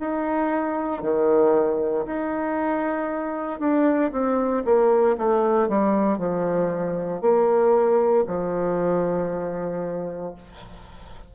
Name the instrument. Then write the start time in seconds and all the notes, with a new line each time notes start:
bassoon
0.00 D#4
1.03 D#3
2.06 D#4
3.60 D4
4.12 C4
4.65 A#3
5.18 A3
5.68 G3
6.18 F3
7.21 A#3
8.27 F3